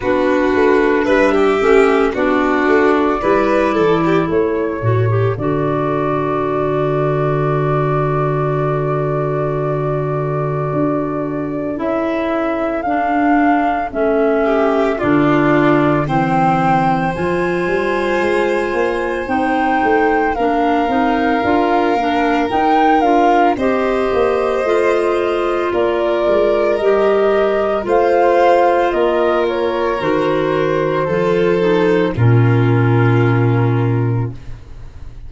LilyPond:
<<
  \new Staff \with { instrumentName = "flute" } { \time 4/4 \tempo 4 = 56 b'4 e''4 d''2 | cis''4 d''2.~ | d''2. e''4 | f''4 e''4 d''4 g''4 |
gis''2 g''4 f''4~ | f''4 g''8 f''8 dis''2 | d''4 dis''4 f''4 dis''8 cis''8 | c''2 ais'2 | }
  \new Staff \with { instrumentName = "violin" } { \time 4/4 fis'4 b'16 g'8. fis'4 b'8 a'16 g'16 | a'1~ | a'1~ | a'4. g'8 f'4 c''4~ |
c''2. ais'4~ | ais'2 c''2 | ais'2 c''4 ais'4~ | ais'4 a'4 f'2 | }
  \new Staff \with { instrumentName = "clarinet" } { \time 4/4 d'4. cis'8 d'4 e'4~ | e'8 fis'16 g'16 fis'2.~ | fis'2. e'4 | d'4 cis'4 d'4 c'4 |
f'2 dis'4 d'8 dis'8 | f'8 d'8 dis'8 f'8 g'4 f'4~ | f'4 g'4 f'2 | fis'4 f'8 dis'8 cis'2 | }
  \new Staff \with { instrumentName = "tuba" } { \time 4/4 b8 a8 g8 a8 b8 a8 g8 e8 | a8 a,8 d2.~ | d2 d'4 cis'4 | d'4 a4 d4 e4 |
f8 g8 gis8 ais8 c'8 a8 ais8 c'8 | d'8 ais8 dis'8 d'8 c'8 ais8 a4 | ais8 gis8 g4 a4 ais4 | dis4 f4 ais,2 | }
>>